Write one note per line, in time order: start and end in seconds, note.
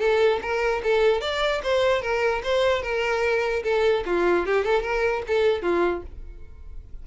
0.00 0.40 A4
0.42 0.82 A#4
0.84 1.22 A4
1.22 1.62 D5
1.63 2.02 C5
2.02 2.42 A#4
2.44 2.83 C5
2.83 3.63 A#4
3.64 4.04 A4
4.06 4.46 F4
4.46 4.65 G4
4.65 4.83 A4
4.83 5.23 A#4
5.28 5.63 A4
5.63 6.03 F4